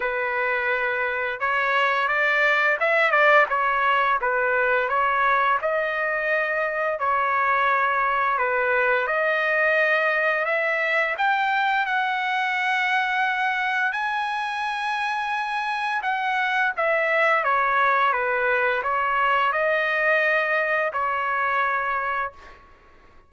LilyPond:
\new Staff \with { instrumentName = "trumpet" } { \time 4/4 \tempo 4 = 86 b'2 cis''4 d''4 | e''8 d''8 cis''4 b'4 cis''4 | dis''2 cis''2 | b'4 dis''2 e''4 |
g''4 fis''2. | gis''2. fis''4 | e''4 cis''4 b'4 cis''4 | dis''2 cis''2 | }